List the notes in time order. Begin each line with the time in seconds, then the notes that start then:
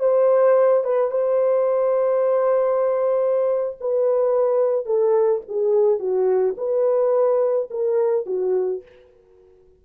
0.00 C5
0.84 B4
1.11 C5
3.81 B4
4.86 A4
5.49 G#4
6.00 F#4
6.58 B4
7.71 A#4
8.27 F#4